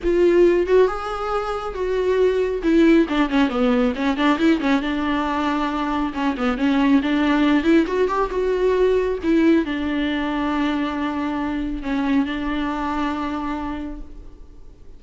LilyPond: \new Staff \with { instrumentName = "viola" } { \time 4/4 \tempo 4 = 137 f'4. fis'8 gis'2 | fis'2 e'4 d'8 cis'8 | b4 cis'8 d'8 e'8 cis'8 d'4~ | d'2 cis'8 b8 cis'4 |
d'4. e'8 fis'8 g'8 fis'4~ | fis'4 e'4 d'2~ | d'2. cis'4 | d'1 | }